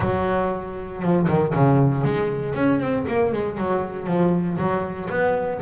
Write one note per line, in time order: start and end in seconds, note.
0.00 1.02 F#3
1.02 1.27 F3
1.28 1.53 D#3
1.54 2.04 C#3
2.04 2.54 G#3
2.54 2.80 C#4
2.80 3.05 C4
3.07 3.32 A#3
3.32 3.57 G#3
3.57 4.07 F#3
4.07 4.57 F3
4.58 5.08 F#3
5.09 5.60 B3